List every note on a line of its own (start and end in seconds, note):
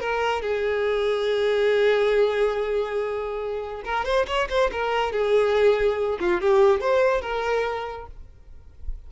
0.00 0.42 A#4
0.42 3.82 G#4
3.85 4.05 A#4
4.05 4.26 C5
4.27 4.48 C#5
4.49 4.71 C5
4.72 5.12 A#4
5.12 6.19 G#4
6.20 6.41 F4
6.41 6.80 G4
6.80 7.21 C5
7.21 8.06 A#4